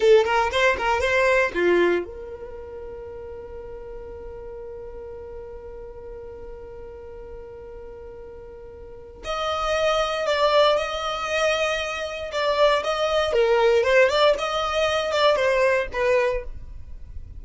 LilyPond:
\new Staff \with { instrumentName = "violin" } { \time 4/4 \tempo 4 = 117 a'8 ais'8 c''8 ais'8 c''4 f'4 | ais'1~ | ais'1~ | ais'1~ |
ais'2 dis''2 | d''4 dis''2. | d''4 dis''4 ais'4 c''8 d''8 | dis''4. d''8 c''4 b'4 | }